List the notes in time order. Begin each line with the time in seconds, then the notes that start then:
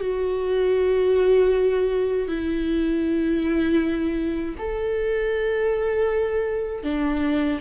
0.00 F#4
2.28 E4
4.58 A4
6.83 D4